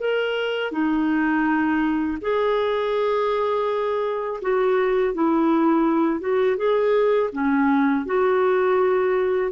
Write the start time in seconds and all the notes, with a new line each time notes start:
0.00 A#4
0.72 D#4
2.21 G#4
4.42 F#4
5.14 E4
6.20 F#4
6.57 G#4
7.33 C#4
8.06 F#4